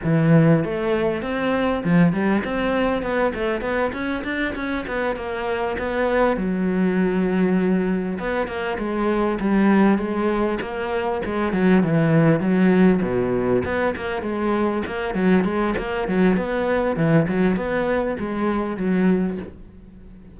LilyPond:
\new Staff \with { instrumentName = "cello" } { \time 4/4 \tempo 4 = 99 e4 a4 c'4 f8 g8 | c'4 b8 a8 b8 cis'8 d'8 cis'8 | b8 ais4 b4 fis4.~ | fis4. b8 ais8 gis4 g8~ |
g8 gis4 ais4 gis8 fis8 e8~ | e8 fis4 b,4 b8 ais8 gis8~ | gis8 ais8 fis8 gis8 ais8 fis8 b4 | e8 fis8 b4 gis4 fis4 | }